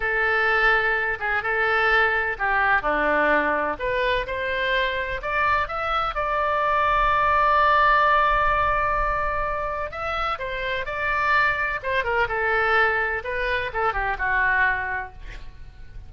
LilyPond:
\new Staff \with { instrumentName = "oboe" } { \time 4/4 \tempo 4 = 127 a'2~ a'8 gis'8 a'4~ | a'4 g'4 d'2 | b'4 c''2 d''4 | e''4 d''2.~ |
d''1~ | d''4 e''4 c''4 d''4~ | d''4 c''8 ais'8 a'2 | b'4 a'8 g'8 fis'2 | }